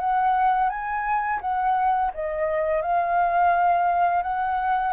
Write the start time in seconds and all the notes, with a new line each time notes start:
0.00 F#5
0.69 G#5
1.41 F#5
2.14 D#5
2.82 F5
4.23 F#5